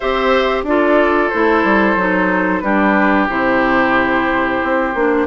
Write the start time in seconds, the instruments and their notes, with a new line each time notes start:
0.00 bassoon C4, clarinet G4, oboe C5, flute E5
0.63 bassoon D4, clarinet F4, oboe A4, flute D5
1.29 bassoon A3, clarinet E4, flute C5
1.64 bassoon G3
1.95 bassoon F#3, clarinet D#4
2.60 bassoon G3, clarinet D4, oboe G4, flute B4
3.28 bassoon C3, clarinet E4, flute C5
4.63 bassoon C4
4.94 bassoon A#3, clarinet D4